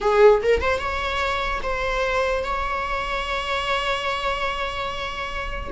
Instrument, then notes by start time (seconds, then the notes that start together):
viola
0.00 G#4
0.42 A#4
0.61 C5
0.79 C#5
1.63 C5
2.44 C#5